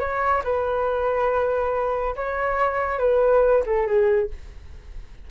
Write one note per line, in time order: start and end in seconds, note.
0.00 0.43 C#5
0.44 2.16 B4
2.16 2.99 C#5
2.99 3.64 B4
3.66 3.87 A4
3.87 4.30 G#4